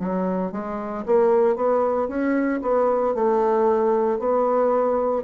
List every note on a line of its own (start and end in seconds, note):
0.00 0.52 F#3
0.52 1.05 G#3
1.06 1.56 A#3
1.56 2.09 B3
2.09 2.61 C#4
2.62 3.15 B3
3.15 4.20 A3
4.20 5.24 B3